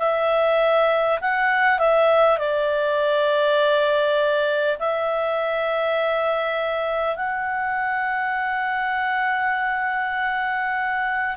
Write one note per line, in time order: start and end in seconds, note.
0.00 1.20 E5
1.21 1.79 F#5
1.79 2.38 E5
2.38 4.78 D5
4.79 7.17 E5
7.17 11.37 F#5